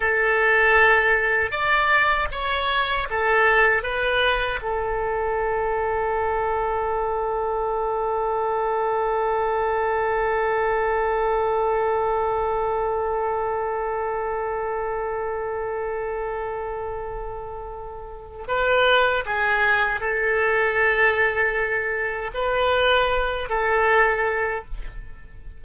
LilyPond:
\new Staff \with { instrumentName = "oboe" } { \time 4/4 \tempo 4 = 78 a'2 d''4 cis''4 | a'4 b'4 a'2~ | a'1~ | a'1~ |
a'1~ | a'1 | b'4 gis'4 a'2~ | a'4 b'4. a'4. | }